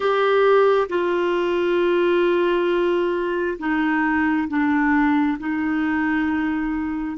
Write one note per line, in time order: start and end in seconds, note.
0.00 0.87 G4
0.89 3.58 F4
3.58 4.48 D#4
4.48 5.37 D4
5.39 7.17 D#4